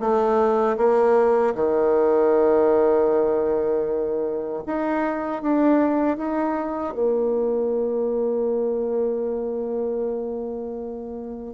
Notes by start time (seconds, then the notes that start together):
0.00 A3
0.77 A#3
1.55 D#3
4.66 D#4
5.42 D4
6.17 D#4
6.94 A#3